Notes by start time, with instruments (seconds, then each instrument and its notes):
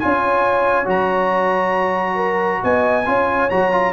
0.00 tuba C#4, trombone F4, horn C#5, trumpet G#5
0.85 tuba F#3, trombone F#4, trumpet A#5
2.16 horn A#4
2.64 tuba B3, horn D#5, trumpet G#5
3.06 tuba C#4, trombone F4, horn C#5
3.50 tuba F#3, trombone F#4, trumpet A#5
3.72 trombone F4